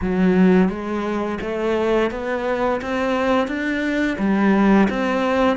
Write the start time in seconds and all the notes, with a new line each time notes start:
0.01 F#3
0.68 G#3
1.41 A3
2.11 B3
2.81 C4
3.47 D4
4.18 G3
4.89 C4